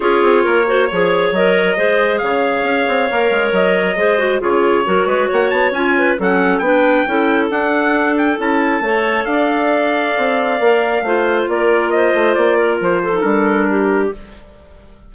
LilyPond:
<<
  \new Staff \with { instrumentName = "trumpet" } { \time 4/4 \tempo 4 = 136 cis''2. dis''4~ | dis''4 f''2. | dis''2 cis''2 | fis''8 a''8 gis''4 fis''4 g''4~ |
g''4 fis''4. g''8 a''4~ | a''4 f''2.~ | f''2 d''4 dis''4 | d''4 c''4 ais'2 | }
  \new Staff \with { instrumentName = "clarinet" } { \time 4/4 gis'4 ais'8 c''8 cis''2 | c''4 cis''2.~ | cis''4 c''4 gis'4 ais'8 b'8 | cis''4. b'8 a'4 b'4 |
a'1 | cis''4 d''2.~ | d''4 c''4 ais'4 c''4~ | c''8 ais'4 a'4. g'4 | }
  \new Staff \with { instrumentName = "clarinet" } { \time 4/4 f'4. fis'8 gis'4 ais'4 | gis'2. ais'4~ | ais'4 gis'8 fis'8 f'4 fis'4~ | fis'4 f'4 cis'4 d'4 |
e'4 d'2 e'4 | a'1 | ais'4 f'2.~ | f'4.~ f'16 dis'16 d'2 | }
  \new Staff \with { instrumentName = "bassoon" } { \time 4/4 cis'8 c'8 ais4 f4 fis4 | gis4 cis4 cis'8 c'8 ais8 gis8 | fis4 gis4 cis4 fis8 gis8 | ais8 b8 cis'4 fis4 b4 |
cis'4 d'2 cis'4 | a4 d'2 c'4 | ais4 a4 ais4. a8 | ais4 f4 g2 | }
>>